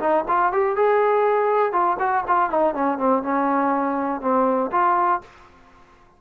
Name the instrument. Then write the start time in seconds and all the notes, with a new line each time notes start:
trombone
0.00 D#4
0.28 F4
0.53 G4
0.76 G#4
1.72 F4
1.99 F#4
2.28 F4
2.50 D#4
2.75 C#4
2.98 C4
3.23 C#4
4.21 C4
4.72 F4